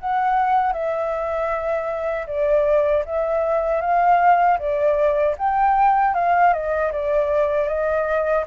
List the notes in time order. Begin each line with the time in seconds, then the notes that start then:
0.00 F#5
0.73 E5
2.27 D5
3.06 E5
3.82 F5
4.59 D5
5.38 G5
6.15 F5
6.53 D#5
6.92 D5
7.68 D#5